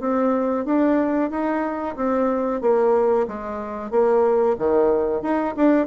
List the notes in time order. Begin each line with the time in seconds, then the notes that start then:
0.00 C4
0.65 D4
1.30 D#4
1.96 C4
2.61 A#3
3.28 G#3
3.90 A#3
4.58 D#3
5.22 D#4
5.56 D4